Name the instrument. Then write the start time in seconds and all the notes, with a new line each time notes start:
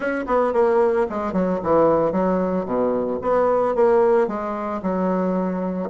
bassoon
0.00 C#4
0.27 B3
0.53 A#3
1.09 G#3
1.32 F#3
1.63 E3
2.12 F#3
2.65 B2
3.21 B3
3.75 A#3
4.27 G#3
4.82 F#3